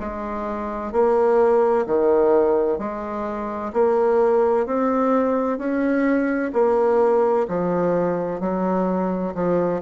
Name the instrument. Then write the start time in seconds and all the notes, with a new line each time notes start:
bassoon
0.00 G#3
0.92 A#3
1.87 D#3
2.79 G#3
3.73 A#3
4.67 C4
5.59 C#4
6.54 A#3
7.49 F3
8.41 F#3
9.35 F3